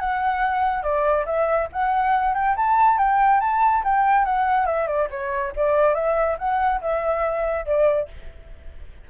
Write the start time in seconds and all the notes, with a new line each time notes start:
0.00 F#5
0.83 D5
1.26 E5
1.73 F#5
2.35 G5
2.56 A5
2.98 G5
3.41 A5
3.84 G5
4.25 F#5
4.66 E5
4.87 D5
5.10 C#5
5.56 D5
5.95 E5
6.38 F#5
6.81 E5
7.66 D5